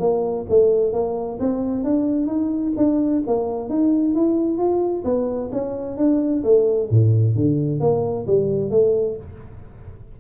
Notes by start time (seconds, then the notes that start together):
0.00 A#3
0.49 A3
0.93 A#3
1.40 C4
1.84 D4
2.27 D#4
2.77 D4
3.27 A#3
3.69 D#4
4.15 E4
4.58 F4
5.05 B3
5.52 C#4
5.98 D4
6.44 A3
6.91 A2
7.36 D3
7.80 A#3
8.27 G3
8.71 A3